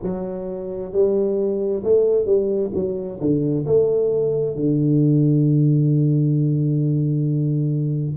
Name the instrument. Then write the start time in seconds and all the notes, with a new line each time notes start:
tuba
0.02 F#3
0.92 G3
1.83 A3
2.25 G3
2.74 F#3
3.20 D3
3.66 A3
4.55 D3